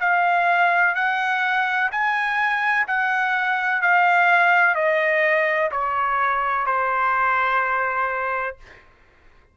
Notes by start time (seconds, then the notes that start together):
0.00 F5
0.95 F#5
1.91 G#5
2.87 F#5
3.81 F5
4.74 D#5
5.71 C#5
6.66 C5